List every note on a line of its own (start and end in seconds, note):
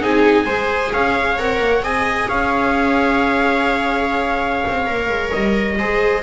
0.00 0.45 C4
0.00 0.46 D#4
0.00 0.45 G#4
0.00 0.93 G#5
0.45 0.91 G#3
0.45 1.38 G#4
0.45 0.90 C5
0.92 1.37 C#4
0.92 1.83 C#5
0.92 1.38 F5
1.37 1.59 C4
1.37 1.83 A#4
1.37 1.83 F#5
1.59 1.81 A#3
1.81 2.26 C4
1.81 4.85 G#4
1.81 2.28 D#5
1.81 2.28 G#5
2.28 4.64 C#4
2.28 5.77 C#5
2.28 5.31 F5
4.67 4.89 C4
4.85 5.08 A#3
4.85 5.76 A#4
5.08 5.31 G#3
5.31 5.79 G3
5.31 6.22 D#5
5.78 6.23 G#3
5.78 6.23 G#4
5.78 6.23 C5